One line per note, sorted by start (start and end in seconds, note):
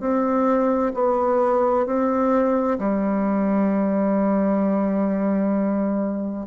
0.00 0.92 C4
0.94 1.86 B3
1.86 2.78 C4
2.79 6.47 G3